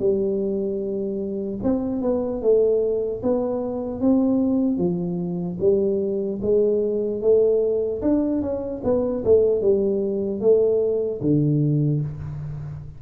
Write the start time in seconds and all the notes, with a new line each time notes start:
0.00 G3
1.64 C4
2.02 B3
2.42 A3
3.23 B3
4.01 C4
4.78 F3
5.60 G3
6.42 G#3
7.22 A3
8.02 D4
8.42 C#4
8.84 B3
9.25 A3
9.62 G3
10.41 A3
11.21 D3